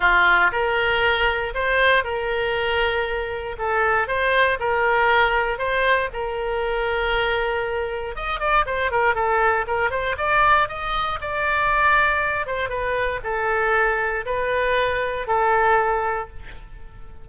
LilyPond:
\new Staff \with { instrumentName = "oboe" } { \time 4/4 \tempo 4 = 118 f'4 ais'2 c''4 | ais'2. a'4 | c''4 ais'2 c''4 | ais'1 |
dis''8 d''8 c''8 ais'8 a'4 ais'8 c''8 | d''4 dis''4 d''2~ | d''8 c''8 b'4 a'2 | b'2 a'2 | }